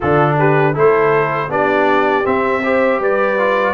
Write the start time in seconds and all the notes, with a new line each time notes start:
0.00 D3 D4 F4 A4
0.38 G4 B4
0.73 A3 E4 A4 C5
1.48 B3 D4 G4 D5
2.24 C4 E5
2.63 G4 C5
2.99 G3 B4 D5
3.38 F4